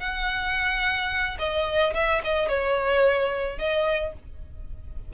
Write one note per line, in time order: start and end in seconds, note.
0.00 1.38 F#5
1.39 1.94 D#5
1.94 2.21 E5
2.24 2.48 D#5
2.48 3.58 C#5
3.58 4.13 D#5